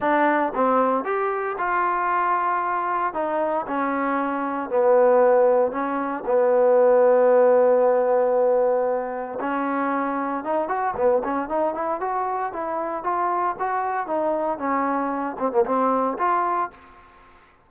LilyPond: \new Staff \with { instrumentName = "trombone" } { \time 4/4 \tempo 4 = 115 d'4 c'4 g'4 f'4~ | f'2 dis'4 cis'4~ | cis'4 b2 cis'4 | b1~ |
b2 cis'2 | dis'8 fis'8 b8 cis'8 dis'8 e'8 fis'4 | e'4 f'4 fis'4 dis'4 | cis'4. c'16 ais16 c'4 f'4 | }